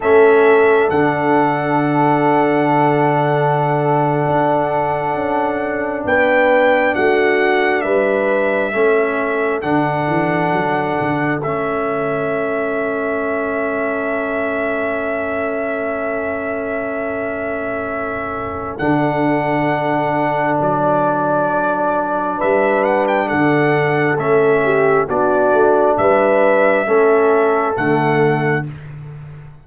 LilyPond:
<<
  \new Staff \with { instrumentName = "trumpet" } { \time 4/4 \tempo 4 = 67 e''4 fis''2.~ | fis''2~ fis''8. g''4 fis''16~ | fis''8. e''2 fis''4~ fis''16~ | fis''8. e''2.~ e''16~ |
e''1~ | e''4 fis''2 d''4~ | d''4 e''8 fis''16 g''16 fis''4 e''4 | d''4 e''2 fis''4 | }
  \new Staff \with { instrumentName = "horn" } { \time 4/4 a'1~ | a'2~ a'8. b'4 fis'16~ | fis'8. b'4 a'2~ a'16~ | a'1~ |
a'1~ | a'1~ | a'4 b'4 a'4. g'8 | fis'4 b'4 a'2 | }
  \new Staff \with { instrumentName = "trombone" } { \time 4/4 cis'4 d'2.~ | d'1~ | d'4.~ d'16 cis'4 d'4~ d'16~ | d'8. cis'2.~ cis'16~ |
cis'1~ | cis'4 d'2.~ | d'2. cis'4 | d'2 cis'4 a4 | }
  \new Staff \with { instrumentName = "tuba" } { \time 4/4 a4 d2.~ | d8. d'4 cis'4 b4 a16~ | a8. g4 a4 d8 e8 fis16~ | fis16 d8 a2.~ a16~ |
a1~ | a4 d2 fis4~ | fis4 g4 d4 a4 | b8 a8 g4 a4 d4 | }
>>